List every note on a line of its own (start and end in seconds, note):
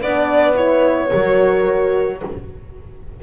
0.00 1.11 B3
0.00 0.55 D4
0.00 1.09 B4
0.00 0.56 D5
0.55 1.09 E4
0.55 2.20 C#5
1.09 2.22 F#3
1.09 2.20 F#4
1.09 2.18 A#4